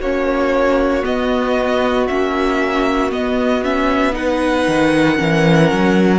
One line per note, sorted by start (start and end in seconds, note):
0.00 1.03 A#3
0.00 1.03 C#4
0.00 4.14 F#4
0.00 1.05 C#5
1.03 2.06 B3
1.03 2.09 B3
1.03 2.08 D#5
2.08 3.12 A#3
2.08 3.11 C#4
2.08 3.11 E5
3.11 3.62 B3
3.11 4.67 B3
3.11 3.64 D#5
3.64 4.12 C#4
3.64 4.15 E5
4.12 5.15 D#4
4.12 5.17 B4
4.12 6.19 F#5
4.67 5.19 D#3
5.15 5.72 E3
5.15 6.19 C#4
5.15 6.19 A#4
5.72 6.19 F#3